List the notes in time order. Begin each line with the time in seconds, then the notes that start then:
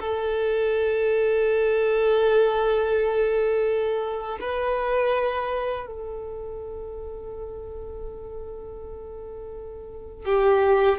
0.00 A4
4.41 B4
5.87 A4
10.25 G4